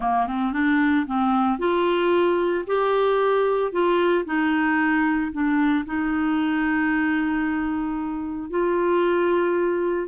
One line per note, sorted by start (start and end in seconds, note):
0.00 0.26 A#3
0.26 0.52 C4
0.52 1.05 D4
1.06 1.58 C4
1.58 2.65 F4
2.67 3.71 G4
3.71 4.25 F4
4.25 5.31 D#4
5.31 5.85 D4
5.85 8.50 D#4
8.50 10.08 F4